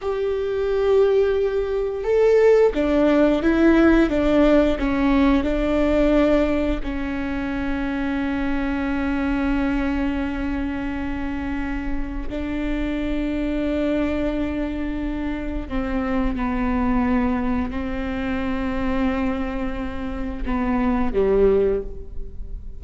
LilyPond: \new Staff \with { instrumentName = "viola" } { \time 4/4 \tempo 4 = 88 g'2. a'4 | d'4 e'4 d'4 cis'4 | d'2 cis'2~ | cis'1~ |
cis'2 d'2~ | d'2. c'4 | b2 c'2~ | c'2 b4 g4 | }